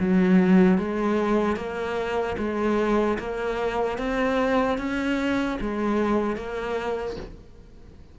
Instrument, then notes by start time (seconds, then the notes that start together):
cello
0.00 F#3
0.78 G#3
1.56 A#3
2.38 G#3
3.19 A#3
3.98 C4
4.78 C#4
5.61 G#3
6.36 A#3